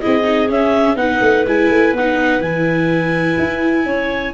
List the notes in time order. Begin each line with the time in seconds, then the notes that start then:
0.00 C4 E4 G#4 D#5
0.23 D#4
0.49 C#4 E5
0.95 B3 D#4 B4 F#5
1.21 A3
1.45 G#3 E4 G#5
1.69 A3
1.92 B3 D#4 F#5
2.39 E3 E4 G#5
3.38 E4
3.85 C#4 C#5